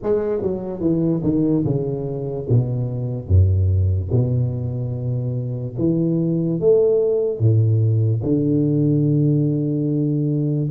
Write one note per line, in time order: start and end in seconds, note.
0.02 0.41 G#3
0.41 0.80 F#3
0.80 1.21 E3
1.23 1.64 D#3
1.64 2.47 C#3
2.49 3.27 B2
3.27 4.09 F#2
4.11 5.75 B2
5.78 6.59 E3
6.59 7.39 A3
7.39 8.21 A2
8.23 10.69 D3